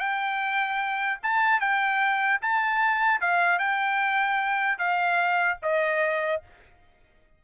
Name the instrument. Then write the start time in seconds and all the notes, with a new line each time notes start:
trumpet
0.00 G5
1.23 A5
1.61 G5
2.42 A5
3.21 F5
3.59 G5
4.79 F5
5.63 D#5